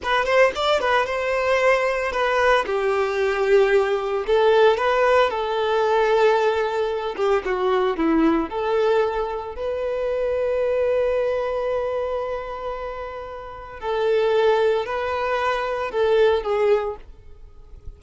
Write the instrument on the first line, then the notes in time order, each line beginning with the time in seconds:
violin
0.02 B4
0.25 C5
0.55 D5
0.80 B4
1.06 C5
2.11 B4
2.66 G4
4.26 A4
4.77 B4
5.30 A4
7.16 G4
7.45 F#4
7.96 E4
8.49 A4
9.55 B4
13.80 A4
14.85 B4
15.91 A4
16.43 G#4